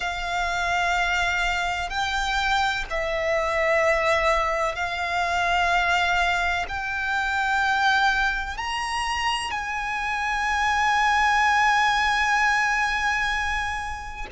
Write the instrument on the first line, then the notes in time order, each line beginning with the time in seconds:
violin
0.00 F5
1.89 G5
2.90 E5
4.75 F5
6.68 G5
8.57 A#5
9.50 G#5